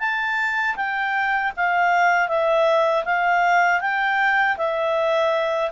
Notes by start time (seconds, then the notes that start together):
0.00 A5
0.76 G5
1.57 F5
2.29 E5
3.06 F5
3.81 G5
4.58 E5